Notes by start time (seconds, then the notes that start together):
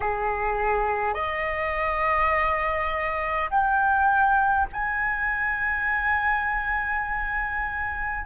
0.00 G#4
1.14 D#5
3.50 G5
4.72 G#5